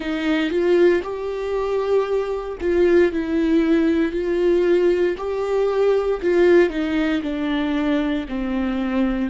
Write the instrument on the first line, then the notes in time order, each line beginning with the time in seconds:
viola
0.00 D#4
0.50 F4
1.03 G4
2.61 F4
3.12 E4
4.11 F4
5.17 G4
6.22 F4
6.70 D#4
7.22 D4
8.28 C4